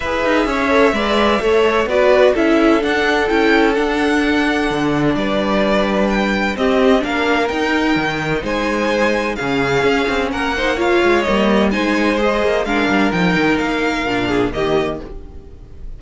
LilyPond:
<<
  \new Staff \with { instrumentName = "violin" } { \time 4/4 \tempo 4 = 128 e''1 | d''4 e''4 fis''4 g''4 | fis''2. d''4~ | d''4 g''4 dis''4 f''4 |
g''2 gis''2 | f''2 fis''4 f''4 | dis''4 gis''4 dis''4 f''4 | g''4 f''2 dis''4 | }
  \new Staff \with { instrumentName = "violin" } { \time 4/4 b'4 cis''4 d''4 cis''4 | b'4 a'2.~ | a'2. b'4~ | b'2 g'4 ais'4~ |
ais'2 c''2 | gis'2 ais'8 c''8 cis''4~ | cis''4 c''2 ais'4~ | ais'2~ ais'8 gis'8 g'4 | }
  \new Staff \with { instrumentName = "viola" } { \time 4/4 gis'4. a'8 b'4 a'4 | fis'4 e'4 d'4 e'4 | d'1~ | d'2 c'4 d'4 |
dis'1 | cis'2~ cis'8 dis'8 f'4 | ais4 dis'4 gis'4 d'4 | dis'2 d'4 ais4 | }
  \new Staff \with { instrumentName = "cello" } { \time 4/4 e'8 dis'8 cis'4 gis4 a4 | b4 cis'4 d'4 cis'4 | d'2 d4 g4~ | g2 c'4 ais4 |
dis'4 dis4 gis2 | cis4 cis'8 c'8 ais4. gis8 | g4 gis4. ais8 gis8 g8 | f8 dis8 ais4 ais,4 dis4 | }
>>